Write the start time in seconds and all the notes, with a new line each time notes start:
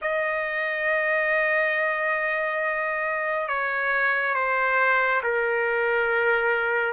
0.01 D#5
3.47 C#5
4.34 C5
5.23 A#4